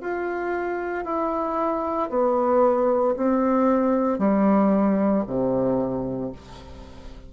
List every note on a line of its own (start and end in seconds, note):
0.00 1.04 F4
1.04 2.09 E4
2.09 3.14 B3
3.16 4.18 C4
4.18 5.23 G3
5.27 6.32 C3